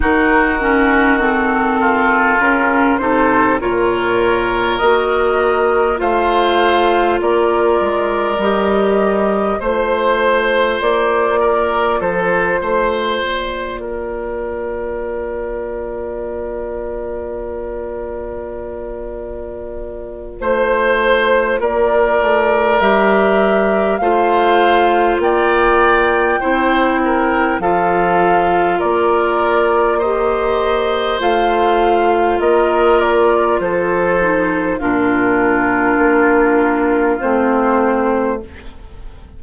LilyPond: <<
  \new Staff \with { instrumentName = "flute" } { \time 4/4 \tempo 4 = 50 ais'4 a'4 ais'8 c''8 cis''4 | dis''4 f''4 d''4 dis''4 | c''4 d''4 c''4 d''4~ | d''1~ |
d''4 c''4 d''4 e''4 | f''4 g''2 f''4 | d''4 dis''4 f''4 dis''8 d''8 | c''4 ais'2 c''4 | }
  \new Staff \with { instrumentName = "oboe" } { \time 4/4 fis'4. f'4 a'8 ais'4~ | ais'4 c''4 ais'2 | c''4. ais'8 a'8 c''4 ais'8~ | ais'1~ |
ais'4 c''4 ais'2 | c''4 d''4 c''8 ais'8 a'4 | ais'4 c''2 ais'4 | a'4 f'2. | }
  \new Staff \with { instrumentName = "clarinet" } { \time 4/4 dis'8 cis'8 c'4 cis'8 dis'8 f'4 | fis'4 f'2 g'4 | f'1~ | f'1~ |
f'2. g'4 | f'2 e'4 f'4~ | f'4 g'4 f'2~ | f'8 dis'8 d'2 c'4 | }
  \new Staff \with { instrumentName = "bassoon" } { \time 4/4 dis2 cis8 c8 ais,4 | ais4 a4 ais8 gis8 g4 | a4 ais4 f8 a8 ais4~ | ais1~ |
ais4 a4 ais8 a8 g4 | a4 ais4 c'4 f4 | ais2 a4 ais4 | f4 ais,4 ais4 a4 | }
>>